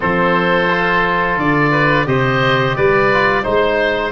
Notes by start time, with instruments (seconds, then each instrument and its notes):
0.00 tuba F3, trombone C4, oboe A4 C5
0.69 trombone F4
1.37 tuba D3, oboe D5
1.71 oboe B4
2.05 tuba C3, trombone G4, oboe C5 D#5
2.76 tuba G3, oboe B4 D5
3.12 trombone F4
3.42 tuba G#3, trombone D#4, oboe C5